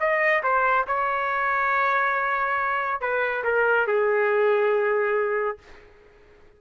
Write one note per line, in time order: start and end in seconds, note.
0.00 0.43 D#5
0.43 0.86 C5
0.87 3.01 C#5
3.01 3.44 B4
3.44 3.87 A#4
3.87 5.59 G#4